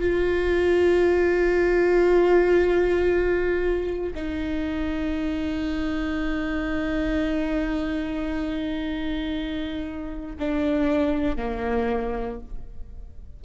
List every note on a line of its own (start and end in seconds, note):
0.00 4.14 F4
4.15 10.35 D#4
10.39 11.37 D4
11.37 12.40 A#3